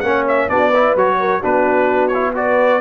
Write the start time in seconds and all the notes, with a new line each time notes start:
0.00 A#3 C#4 C#5 F#5
0.28 E5
0.49 B3 D4 F#4 D5
0.70 E4 B4
0.95 F#3 F#4 C#5
1.19 A#4
1.40 B3 D4 F#4 B4
2.08 E4 C#5
2.35 F#4 B4 D5